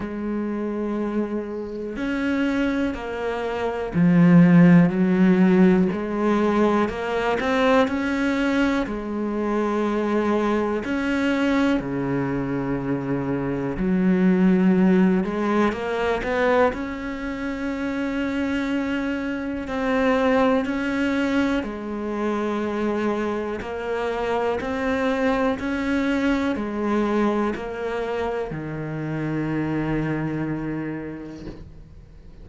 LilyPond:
\new Staff \with { instrumentName = "cello" } { \time 4/4 \tempo 4 = 61 gis2 cis'4 ais4 | f4 fis4 gis4 ais8 c'8 | cis'4 gis2 cis'4 | cis2 fis4. gis8 |
ais8 b8 cis'2. | c'4 cis'4 gis2 | ais4 c'4 cis'4 gis4 | ais4 dis2. | }